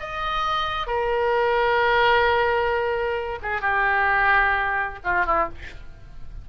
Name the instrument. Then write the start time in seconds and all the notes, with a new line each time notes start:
oboe
0.00 D#5
0.87 A#4
3.42 G#4
3.61 G4
5.04 F4
5.26 E4